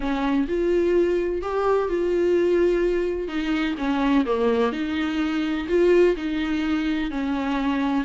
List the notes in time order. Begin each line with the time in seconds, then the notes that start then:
0.00 C#4
0.47 F4
1.42 G4
1.88 F4
3.28 D#4
3.78 C#4
4.25 A#3
4.72 D#4
5.68 F4
6.16 D#4
7.10 C#4